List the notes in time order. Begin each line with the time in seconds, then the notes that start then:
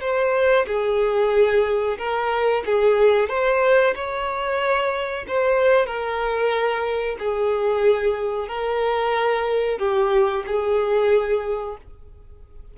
0.00 C5
0.66 G#4
1.98 A#4
2.66 G#4
3.28 C5
3.95 C#5
5.27 C5
5.86 A#4
7.19 G#4
8.48 A#4
9.78 G4
10.46 G#4